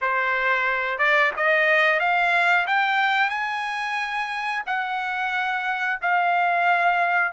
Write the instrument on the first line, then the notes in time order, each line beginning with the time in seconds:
trumpet
0.01 C5
0.98 D5
1.36 D#5
1.99 F5
2.67 G5
3.29 G#5
4.66 F#5
6.02 F5